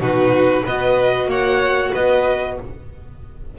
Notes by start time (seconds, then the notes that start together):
0.00 B2 D#4 F#4 B4
0.62 B3 F#4 B4 D#5
1.26 A#3 C#5 F#5
1.91 B3 B4 D#5